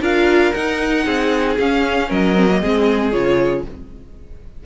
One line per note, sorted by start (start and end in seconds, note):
0.00 0.52 D4
0.00 0.54 F4
0.00 1.04 A#4
0.00 0.53 F5
0.53 1.05 D#4
0.53 1.58 D#4
0.53 1.56 F#5
1.04 1.57 C4
1.04 2.08 G#4
1.59 2.10 C#4
1.59 2.35 C#4
1.59 2.11 F5
2.08 2.62 F#3
2.08 2.60 A#4
2.08 3.12 D#5
2.35 2.48 C4
2.50 2.62 A#3
2.60 3.13 G#3
2.60 3.12 C4
2.60 3.64 G#4
3.12 3.65 C#3
3.12 3.63 F4
3.12 3.64 C#5